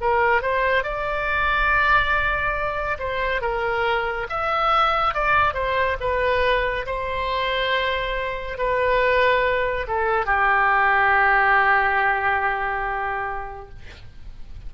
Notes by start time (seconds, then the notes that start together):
0.00 A#4
0.41 C5
0.83 D5
2.98 C5
3.41 A#4
4.29 E5
5.14 D5
5.53 C5
6.00 B4
6.86 C5
8.58 B4
9.87 A4
10.25 G4